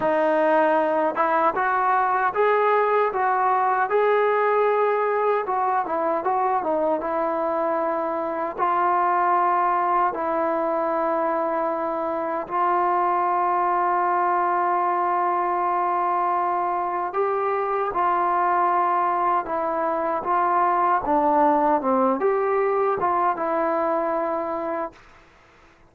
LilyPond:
\new Staff \with { instrumentName = "trombone" } { \time 4/4 \tempo 4 = 77 dis'4. e'8 fis'4 gis'4 | fis'4 gis'2 fis'8 e'8 | fis'8 dis'8 e'2 f'4~ | f'4 e'2. |
f'1~ | f'2 g'4 f'4~ | f'4 e'4 f'4 d'4 | c'8 g'4 f'8 e'2 | }